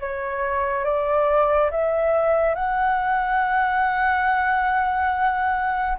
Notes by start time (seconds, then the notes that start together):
0.00 C#5
0.84 D5
1.71 E5
2.54 F#5